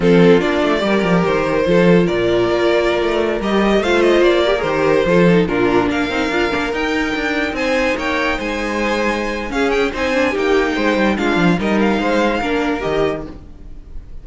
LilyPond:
<<
  \new Staff \with { instrumentName = "violin" } { \time 4/4 \tempo 4 = 145 a'4 d''2 c''4~ | c''4 d''2.~ | d''16 dis''4 f''8 dis''8 d''4 c''8.~ | c''4~ c''16 ais'4 f''4.~ f''16~ |
f''16 g''2 gis''4 g''8.~ | g''16 gis''2~ gis''8. f''8 g''8 | gis''4 g''2 f''4 | dis''8 f''2~ f''8 dis''4 | }
  \new Staff \with { instrumentName = "violin" } { \time 4/4 f'2 ais'2 | a'4 ais'2.~ | ais'4~ ais'16 c''4. ais'4~ ais'16~ | ais'16 a'4 f'4 ais'4.~ ais'16~ |
ais'2~ ais'16 c''4 cis''8.~ | cis''16 c''2~ c''8. gis'4 | c''4 g'4 c''4 f'4 | ais'4 c''4 ais'2 | }
  \new Staff \with { instrumentName = "viola" } { \time 4/4 c'4 d'4 g'2 | f'1~ | f'16 g'4 f'4. g'16 gis'16 g'8.~ | g'16 f'8 dis'8 d'4. dis'8 f'8 d'16~ |
d'16 dis'2.~ dis'8.~ | dis'2. cis'4 | dis'8 d'8 dis'2 d'4 | dis'2 d'4 g'4 | }
  \new Staff \with { instrumentName = "cello" } { \time 4/4 f4 ais8 a8 g8 f8 dis4 | f4 ais,4 ais4~ ais16 a8.~ | a16 g4 a4 ais4 dis8.~ | dis16 f4 ais,4 ais8 c'8 d'8 ais16~ |
ais16 dis'4 d'4 c'4 ais8.~ | ais16 gis2~ gis8. cis'4 | c'4 ais4 gis8 g8 gis8 f8 | g4 gis4 ais4 dis4 | }
>>